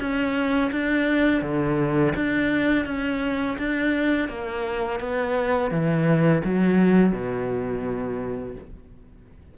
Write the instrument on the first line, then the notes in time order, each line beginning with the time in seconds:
cello
0.00 C#4
0.72 D4
1.42 D3
2.16 D4
2.86 C#4
3.58 D4
4.29 A#3
5.00 B3
5.71 E3
6.44 F#3
7.12 B2